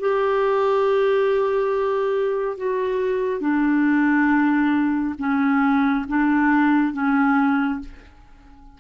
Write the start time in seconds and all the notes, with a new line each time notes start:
0.00 G4
2.57 F#4
3.41 D4
5.19 C#4
6.09 D4
6.93 C#4